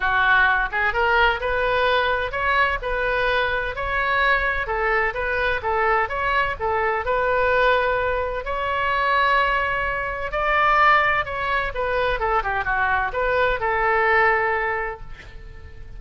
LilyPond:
\new Staff \with { instrumentName = "oboe" } { \time 4/4 \tempo 4 = 128 fis'4. gis'8 ais'4 b'4~ | b'4 cis''4 b'2 | cis''2 a'4 b'4 | a'4 cis''4 a'4 b'4~ |
b'2 cis''2~ | cis''2 d''2 | cis''4 b'4 a'8 g'8 fis'4 | b'4 a'2. | }